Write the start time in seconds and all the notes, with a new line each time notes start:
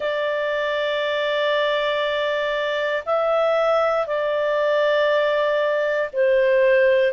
0.00 D5
3.05 E5
4.06 D5
6.12 C5